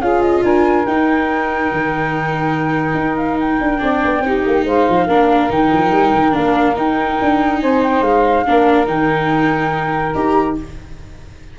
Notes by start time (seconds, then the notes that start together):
0.00 C#4 F4 G#4 F5
0.22 D#5
0.43 D4 A#4 G#5
0.86 D#4 G5
1.72 D#3
2.94 D#4
3.17 F5
3.40 G5
3.61 D4
3.78 C4 D4 D5
4.04 B3
4.20 C4 D#4 G4
4.46 A#3
4.64 G#3 C5 F5
4.90 F3
5.06 A#3 D4 A#4
5.49 D#3 D#4 G5
5.72 F3
5.91 G3
6.14 D#3
6.32 A#3 D4 F5
6.76 D#4 G5
7.22 D4
7.60 C4 C5 G#5
7.83 G5
8.01 G#3 F5
8.46 A#3 D4 A#4
8.86 D#3 D#4 G5
10.14 D#4 G4 A#5